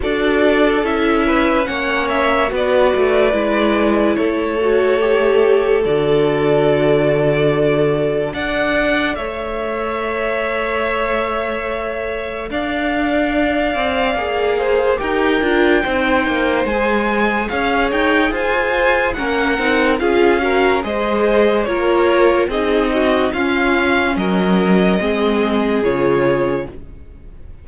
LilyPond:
<<
  \new Staff \with { instrumentName = "violin" } { \time 4/4 \tempo 4 = 72 d''4 e''4 fis''8 e''8 d''4~ | d''4 cis''2 d''4~ | d''2 fis''4 e''4~ | e''2. f''4~ |
f''2 g''2 | gis''4 f''8 g''8 gis''4 fis''4 | f''4 dis''4 cis''4 dis''4 | f''4 dis''2 cis''4 | }
  \new Staff \with { instrumentName = "violin" } { \time 4/4 a'4. b'8 cis''4 b'4~ | b'4 a'2.~ | a'2 d''4 cis''4~ | cis''2. d''4~ |
d''4. c''8 ais'4 c''4~ | c''4 cis''4 c''4 ais'4 | gis'8 ais'8 c''4 ais'4 gis'8 fis'8 | f'4 ais'4 gis'2 | }
  \new Staff \with { instrumentName = "viola" } { \time 4/4 fis'4 e'4 cis'4 fis'4 | e'4. fis'8 g'4 fis'4~ | fis'2 a'2~ | a'1~ |
a'4 gis'4 g'8 f'8 dis'4 | gis'2. cis'8 dis'8 | f'8 fis'8 gis'4 f'4 dis'4 | cis'2 c'4 f'4 | }
  \new Staff \with { instrumentName = "cello" } { \time 4/4 d'4 cis'4 ais4 b8 a8 | gis4 a2 d4~ | d2 d'4 a4~ | a2. d'4~ |
d'8 c'8 ais4 dis'8 d'8 c'8 ais8 | gis4 cis'8 dis'8 f'4 ais8 c'8 | cis'4 gis4 ais4 c'4 | cis'4 fis4 gis4 cis4 | }
>>